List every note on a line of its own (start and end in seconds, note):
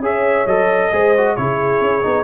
0.00 0.45 C#4
0.00 0.47 G#4
0.00 0.91 C#5
0.00 0.46 E5
0.46 0.91 F#3
0.46 0.92 A4
0.46 1.36 D#5
0.92 1.37 G#3
0.92 1.14 G#4
0.92 1.37 C5
1.17 1.37 F#4
1.36 1.81 C#3
1.36 2.02 E4
1.36 2.24 G#4
1.36 2.24 C#5
1.81 2.03 C#4
2.02 2.24 B3
2.02 2.24 D#4